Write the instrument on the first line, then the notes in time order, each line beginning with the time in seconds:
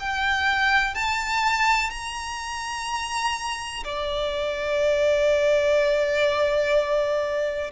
violin
0.00 G5
0.95 A5
1.90 A#5
3.84 D5